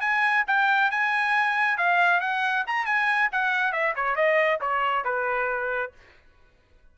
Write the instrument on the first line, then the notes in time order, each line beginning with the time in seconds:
trumpet
0.00 G#5
0.47 G5
0.90 G#5
1.77 F5
2.20 F#5
2.66 A#5
2.85 G#5
3.31 F#5
3.72 E5
3.95 C#5
4.15 D#5
4.60 C#5
5.04 B4